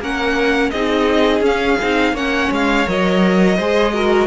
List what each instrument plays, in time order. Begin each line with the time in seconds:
0.00 cello A#3, viola C#4, violin A#4 F#5
0.71 cello C4, viola D#4, violin G#4 D#5
1.41 cello C#4, viola C#4, violin F5
1.81 cello C4, viola D#4
2.13 cello A#3, viola C#4, violin C#5 F#5
2.51 cello G#3, violin F5
2.87 cello F#3, viola A#4, violin D#5
3.57 cello G#3, viola G#4, violin C5
3.94 viola F#4, violin A#4